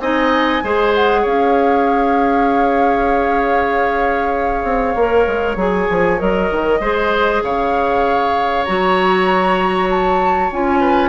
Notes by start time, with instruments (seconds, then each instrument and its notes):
0.00 bassoon C4, clarinet D#4, oboe D#5, flute G#5
0.63 bassoon G#3, clarinet G#4, oboe C5
0.95 flute F#5
1.22 bassoon C#4, oboe C#5, flute F5
4.64 bassoon C4
4.95 bassoon A#3, clarinet A#4
5.27 bassoon G#3
5.56 bassoon F#3, clarinet G#4, flute G#5
5.91 bassoon F3
6.18 bassoon F#3, clarinet A#4, flute D#5
6.51 bassoon D#3
6.80 bassoon G#3, clarinet G#4, oboe C5
7.43 bassoon C#3, oboe C#5, flute F5
8.65 bassoon F#3, clarinet F#4, flute A#5
9.90 flute A5
10.52 bassoon C#4, clarinet F4, flute G#5
10.80 oboe B4